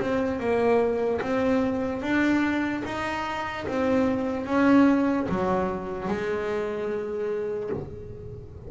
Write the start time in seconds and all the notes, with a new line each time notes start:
0.00 C4
0.40 A#3
1.22 C4
2.02 D4
2.85 D#4
3.67 C4
4.46 C#4
5.29 F#3
6.08 G#3